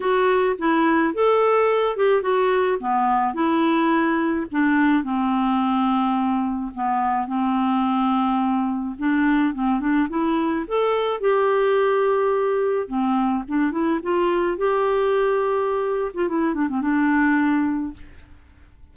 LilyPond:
\new Staff \with { instrumentName = "clarinet" } { \time 4/4 \tempo 4 = 107 fis'4 e'4 a'4. g'8 | fis'4 b4 e'2 | d'4 c'2. | b4 c'2. |
d'4 c'8 d'8 e'4 a'4 | g'2. c'4 | d'8 e'8 f'4 g'2~ | g'8. f'16 e'8 d'16 c'16 d'2 | }